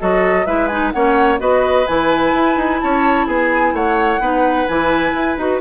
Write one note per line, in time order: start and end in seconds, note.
0.00 0.47 F#3
0.00 0.47 F#4
0.00 0.47 A4
0.00 0.46 D#5
0.46 0.93 G#3
0.46 0.70 E4
0.46 0.93 B4
0.46 0.68 E5
0.68 0.94 D#4
0.68 0.91 G#5
0.92 1.40 A#3
0.92 1.39 C#4
0.92 1.41 C#5
0.92 1.39 F#5
1.39 1.87 B3
1.39 1.86 F#4
1.39 2.81 B4
1.39 1.87 D#5
1.87 2.33 E3
1.87 4.21 E4
1.87 2.81 G#5
2.33 2.57 E4
2.57 2.80 D#4
2.81 3.27 C#4
2.81 3.27 C#5
2.81 3.28 A5
3.27 3.73 B3
3.27 3.74 G#4
3.27 3.76 G#5
3.73 4.20 A3
3.73 4.21 C#5
3.73 4.68 F#5
4.20 4.67 B3
4.20 4.68 D#4
4.20 5.61 B4
4.68 5.14 E3
4.68 5.39 E4
4.68 5.38 G#5
5.14 5.37 E4
5.38 5.61 D#4
5.38 5.61 F#4
5.38 5.61 B4